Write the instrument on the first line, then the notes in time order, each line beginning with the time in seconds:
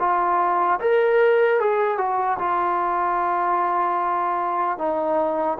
trombone
0.00 F4
0.81 A#4
1.60 G#4
1.97 F#4
2.39 F4
4.78 D#4